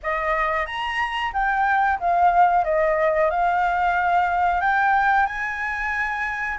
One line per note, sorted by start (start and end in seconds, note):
0.02 0.66 D#5
0.66 1.32 A#5
1.33 1.99 G5
1.99 2.64 F5
2.64 3.30 D#5
3.30 4.60 F5
4.60 5.26 G5
5.26 6.58 G#5